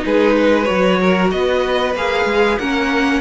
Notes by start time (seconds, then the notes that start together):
0.00 D#4
0.06 G#3 G#4 B4
0.37 B4
0.64 F#3 F#4 C#5
1.02 A#4
1.32 B3 B4 D#5
1.96 A#3 G#4 F5
2.26 G#3
2.59 A#3 C#4 A#4 F#5